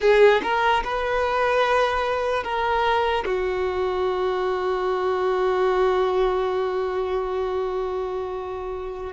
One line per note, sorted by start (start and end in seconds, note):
0.00 0.41 G#4
0.42 0.83 A#4
0.84 2.43 B4
2.43 3.24 A#4
3.25 9.13 F#4